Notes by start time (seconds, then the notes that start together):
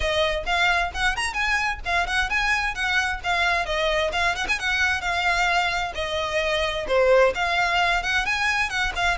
0.00 D#5
0.45 F5
0.93 F#5
1.16 A#5
1.33 G#5
1.85 F5
2.06 F#5
2.29 G#5
2.74 F#5
3.23 F5
3.65 D#5
4.12 F5
4.35 F#5
4.48 G#5
4.59 F#5
5.01 F5
5.94 D#5
6.87 C5
7.34 F5
8.03 F#5
8.25 G#5
8.69 F#5
8.95 F5